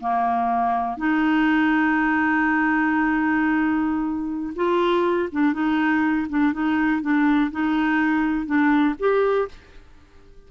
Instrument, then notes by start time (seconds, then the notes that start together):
clarinet
0.00 A#3
0.97 D#4
4.55 F4
5.32 D4
5.53 D#4
6.29 D4
6.53 D#4
7.01 D4
7.51 D#4
8.46 D4
8.99 G4